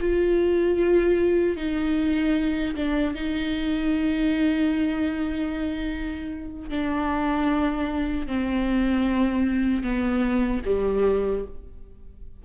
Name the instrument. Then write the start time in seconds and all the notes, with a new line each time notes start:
viola
0.00 F4
1.57 D#4
2.75 D4
3.15 D#4
6.70 D4
8.27 C4
9.83 B3
10.65 G3